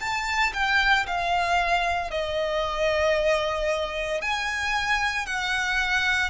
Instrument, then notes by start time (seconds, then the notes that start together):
violin
0.00 A5
0.54 G5
1.07 F5
2.11 D#5
4.22 G#5
5.26 F#5